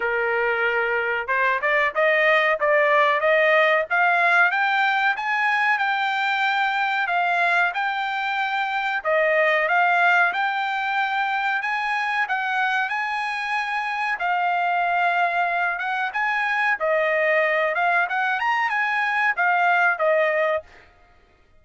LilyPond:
\new Staff \with { instrumentName = "trumpet" } { \time 4/4 \tempo 4 = 93 ais'2 c''8 d''8 dis''4 | d''4 dis''4 f''4 g''4 | gis''4 g''2 f''4 | g''2 dis''4 f''4 |
g''2 gis''4 fis''4 | gis''2 f''2~ | f''8 fis''8 gis''4 dis''4. f''8 | fis''8 ais''8 gis''4 f''4 dis''4 | }